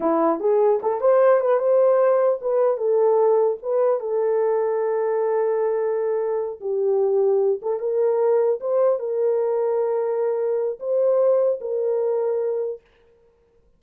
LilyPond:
\new Staff \with { instrumentName = "horn" } { \time 4/4 \tempo 4 = 150 e'4 gis'4 a'8 c''4 b'8 | c''2 b'4 a'4~ | a'4 b'4 a'2~ | a'1~ |
a'8 g'2~ g'8 a'8 ais'8~ | ais'4. c''4 ais'4.~ | ais'2. c''4~ | c''4 ais'2. | }